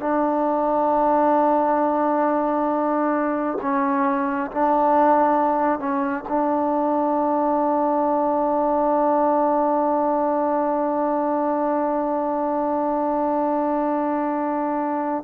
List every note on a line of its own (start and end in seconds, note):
0.00 3.58 D4
3.62 4.51 C#4
4.51 5.80 D4
5.80 6.24 C#4
6.29 15.24 D4